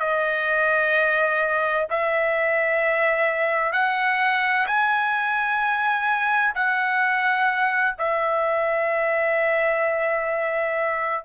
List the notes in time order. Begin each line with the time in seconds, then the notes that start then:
0.00 D#5
1.90 E5
3.73 F#5
4.67 G#5
6.55 F#5
7.99 E5